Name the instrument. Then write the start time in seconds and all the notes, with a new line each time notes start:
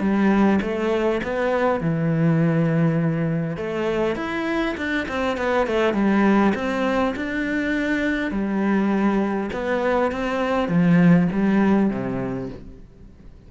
cello
0.00 G3
0.62 A3
1.23 B3
1.80 E3
3.57 A3
4.16 E4
4.77 D4
5.08 C4
5.37 B3
5.67 A3
5.94 G3
6.55 C4
7.16 D4
8.31 G3
9.53 B3
10.12 C4
10.68 F3
11.32 G3
11.90 C3